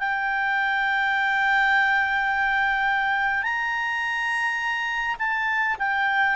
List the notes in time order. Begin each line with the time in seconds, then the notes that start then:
0.00 G5
3.44 A#5
5.19 A5
5.80 G5